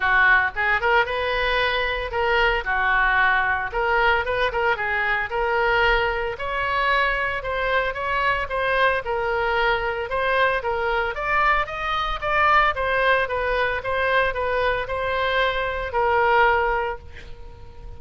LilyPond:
\new Staff \with { instrumentName = "oboe" } { \time 4/4 \tempo 4 = 113 fis'4 gis'8 ais'8 b'2 | ais'4 fis'2 ais'4 | b'8 ais'8 gis'4 ais'2 | cis''2 c''4 cis''4 |
c''4 ais'2 c''4 | ais'4 d''4 dis''4 d''4 | c''4 b'4 c''4 b'4 | c''2 ais'2 | }